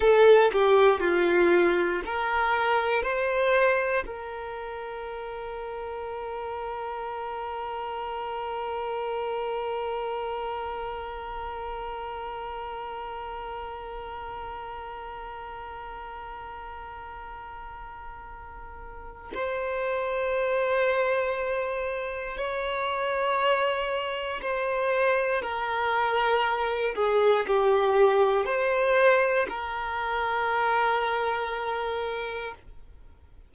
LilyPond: \new Staff \with { instrumentName = "violin" } { \time 4/4 \tempo 4 = 59 a'8 g'8 f'4 ais'4 c''4 | ais'1~ | ais'1~ | ais'1~ |
ais'2. c''4~ | c''2 cis''2 | c''4 ais'4. gis'8 g'4 | c''4 ais'2. | }